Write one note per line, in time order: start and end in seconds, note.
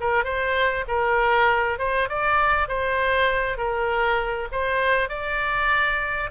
0.00 0.24 A#4
0.24 0.84 C5
0.88 1.78 A#4
1.78 2.09 C5
2.09 2.68 D5
2.68 3.57 C5
3.57 4.48 A#4
4.52 5.09 C5
5.09 6.30 D5